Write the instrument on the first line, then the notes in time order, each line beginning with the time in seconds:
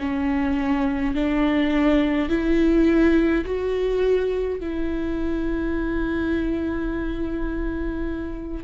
viola
0.00 C#4
1.15 D4
2.29 E4
3.45 F#4
4.60 E4